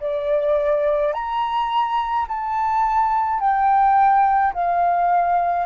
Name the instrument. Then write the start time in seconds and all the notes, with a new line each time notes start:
flute
0.00 D5
1.13 A#5
2.28 A5
3.40 G5
4.53 F5